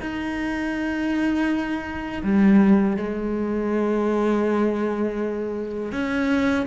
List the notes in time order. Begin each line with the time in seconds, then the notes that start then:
0.00 D#4
2.23 G3
2.97 G#3
5.92 C#4